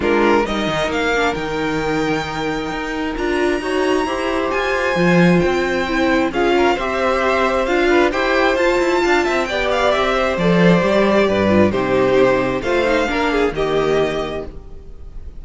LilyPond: <<
  \new Staff \with { instrumentName = "violin" } { \time 4/4 \tempo 4 = 133 ais'4 dis''4 f''4 g''4~ | g''2. ais''4~ | ais''2 gis''2 | g''2 f''4 e''4~ |
e''4 f''4 g''4 a''4~ | a''4 g''8 f''8 e''4 d''4~ | d''2 c''2 | f''2 dis''2 | }
  \new Staff \with { instrumentName = "violin" } { \time 4/4 f'4 ais'2.~ | ais'1 | cis''4 c''2.~ | c''2 gis'8 ais'8 c''4~ |
c''4. b'8 c''2 | f''8 e''8 d''4. c''4.~ | c''4 b'4 g'2 | c''4 ais'8 gis'8 g'2 | }
  \new Staff \with { instrumentName = "viola" } { \time 4/4 d'4 dis'4. d'8 dis'4~ | dis'2. f'4 | fis'4 g'2 f'4~ | f'4 e'4 f'4 g'4~ |
g'4 f'4 g'4 f'4~ | f'4 g'2 a'4 | g'4. f'8 dis'2 | f'8 dis'8 d'4 ais2 | }
  \new Staff \with { instrumentName = "cello" } { \time 4/4 gis4 g8 dis8 ais4 dis4~ | dis2 dis'4 d'4 | dis'4 e'4 f'4 f4 | c'2 cis'4 c'4~ |
c'4 d'4 e'4 f'8 e'8 | d'8 c'8 b4 c'4 f4 | g4 g,4 c2 | a4 ais4 dis2 | }
>>